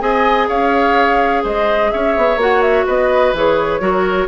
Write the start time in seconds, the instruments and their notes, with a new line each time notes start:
0.00 bassoon C4, clarinet G#4, oboe D#5, flute G#5
0.48 bassoon C#4, oboe C#5, flute F5
1.43 bassoon G#3, oboe C5, flute D#5
1.91 bassoon C#4, oboe C#5, flute E5
2.16 bassoon B3
2.36 bassoon A#3, clarinet F#4, flute F#5
2.62 flute E5
2.85 bassoon B3, oboe B4, flute D#5
3.33 bassoon E3, clarinet G#4, flute C#5
3.80 bassoon F#3, clarinet F#4, oboe A#4